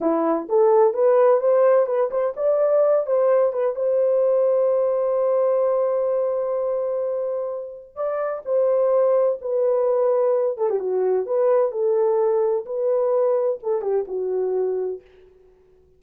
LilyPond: \new Staff \with { instrumentName = "horn" } { \time 4/4 \tempo 4 = 128 e'4 a'4 b'4 c''4 | b'8 c''8 d''4. c''4 b'8 | c''1~ | c''1~ |
c''4 d''4 c''2 | b'2~ b'8 a'16 g'16 fis'4 | b'4 a'2 b'4~ | b'4 a'8 g'8 fis'2 | }